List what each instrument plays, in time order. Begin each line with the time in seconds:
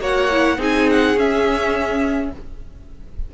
0.00 cello A#3, viola F#4, violin C#5 F#5
0.32 viola E4
0.57 cello C4, viola D#4, violin G#4 G#5
0.90 violin F#5
1.16 cello C#4, viola C#4, violin E5